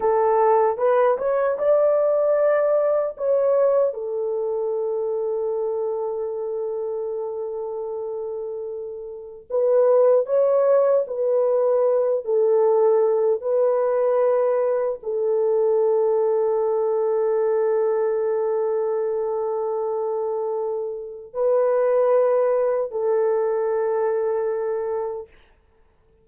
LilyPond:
\new Staff \with { instrumentName = "horn" } { \time 4/4 \tempo 4 = 76 a'4 b'8 cis''8 d''2 | cis''4 a'2.~ | a'1 | b'4 cis''4 b'4. a'8~ |
a'4 b'2 a'4~ | a'1~ | a'2. b'4~ | b'4 a'2. | }